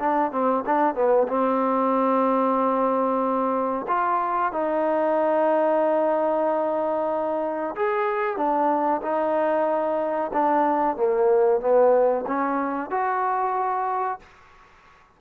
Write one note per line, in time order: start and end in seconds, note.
0.00 0.32 D4
0.32 0.65 C4
0.67 0.95 D4
0.95 1.28 B3
1.28 3.87 C4
3.88 4.53 F4
4.53 7.76 D#4
7.76 8.37 G#4
8.37 9.01 D4
9.03 10.32 D#4
10.34 10.97 D4
10.97 11.61 A#3
11.61 12.26 B3
12.27 12.91 C#4
12.91 14.20 F#4